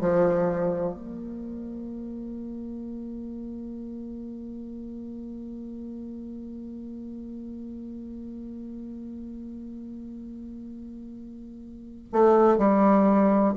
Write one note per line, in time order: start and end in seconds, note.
0.00 0.94 F3
0.94 12.07 A#3
12.12 12.58 A3
12.58 13.54 G3